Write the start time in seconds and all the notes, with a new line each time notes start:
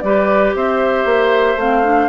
0.00 G3 G4 B4 D5
0.55 C4 C5 E5
1.05 A#3
1.55 A3 C4 F5
1.83 D4